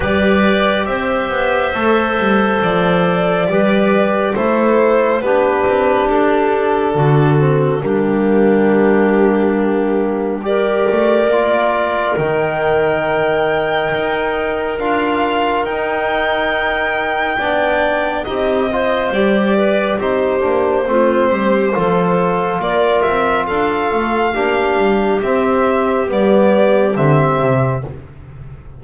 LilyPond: <<
  \new Staff \with { instrumentName = "violin" } { \time 4/4 \tempo 4 = 69 d''4 e''2 d''4~ | d''4 c''4 b'4 a'4~ | a'4 g'2. | d''2 g''2~ |
g''4 f''4 g''2~ | g''4 dis''4 d''4 c''4~ | c''2 d''8 e''8 f''4~ | f''4 e''4 d''4 e''4 | }
  \new Staff \with { instrumentName = "clarinet" } { \time 4/4 b'4 c''2. | b'4 a'4 g'2 | fis'4 d'2. | ais'1~ |
ais'1 | d''4 g'8 c''4 b'8 g'4 | f'8 g'8 a'4 ais'4 a'4 | g'1 | }
  \new Staff \with { instrumentName = "trombone" } { \time 4/4 g'2 a'2 | g'4 e'4 d'2~ | d'8 c'8 ais2. | g'4 f'4 dis'2~ |
dis'4 f'4 dis'2 | d'4 dis'8 f'8 g'4 dis'8 d'8 | c'4 f'2. | d'4 c'4 b4 c'4 | }
  \new Staff \with { instrumentName = "double bass" } { \time 4/4 g4 c'8 b8 a8 g8 f4 | g4 a4 b8 c'8 d'4 | d4 g2.~ | g8 a8 ais4 dis2 |
dis'4 d'4 dis'2 | b4 c'4 g4 c'8 ais8 | a8 g8 f4 ais8 c'8 d'8 a8 | ais8 g8 c'4 g4 d8 c8 | }
>>